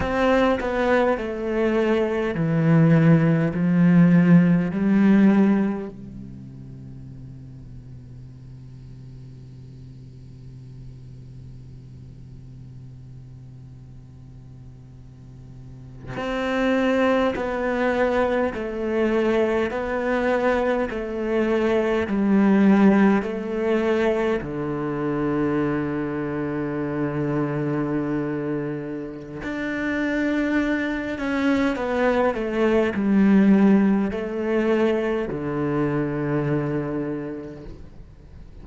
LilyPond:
\new Staff \with { instrumentName = "cello" } { \time 4/4 \tempo 4 = 51 c'8 b8 a4 e4 f4 | g4 c2.~ | c1~ | c4.~ c16 c'4 b4 a16~ |
a8. b4 a4 g4 a16~ | a8. d2.~ d16~ | d4 d'4. cis'8 b8 a8 | g4 a4 d2 | }